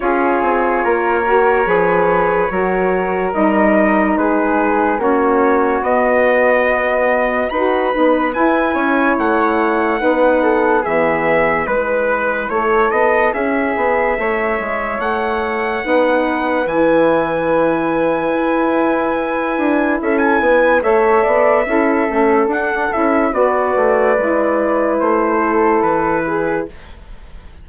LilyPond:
<<
  \new Staff \with { instrumentName = "trumpet" } { \time 4/4 \tempo 4 = 72 cis''1 | dis''4 b'4 cis''4 dis''4~ | dis''4 b''4 gis''4 fis''4~ | fis''4 e''4 b'4 cis''8 dis''8 |
e''2 fis''2 | gis''1 | e''16 gis''8. e''2 fis''8 e''8 | d''2 c''4 b'4 | }
  \new Staff \with { instrumentName = "flute" } { \time 4/4 gis'4 ais'4 b'4 ais'4~ | ais'4 gis'4 fis'2~ | fis'4 b'4. cis''4. | b'8 a'8 gis'4 b'4 a'4 |
gis'4 cis''2 b'4~ | b'1 | a'8 b'8 cis''8 d''8 a'2 | b'2~ b'8 a'4 gis'8 | }
  \new Staff \with { instrumentName = "saxophone" } { \time 4/4 f'4. fis'8 gis'4 fis'4 | dis'2 cis'4 b4~ | b4 fis'8 dis'8 e'2 | dis'4 b4 e'2~ |
e'2. dis'4 | e'1~ | e'4 a'4 e'8 cis'8 d'8 e'8 | fis'4 e'2. | }
  \new Staff \with { instrumentName = "bassoon" } { \time 4/4 cis'8 c'8 ais4 f4 fis4 | g4 gis4 ais4 b4~ | b4 dis'8 b8 e'8 cis'8 a4 | b4 e4 gis4 a8 b8 |
cis'8 b8 a8 gis8 a4 b4 | e2 e'4. d'8 | cis'8 b8 a8 b8 cis'8 a8 d'8 cis'8 | b8 a8 gis4 a4 e4 | }
>>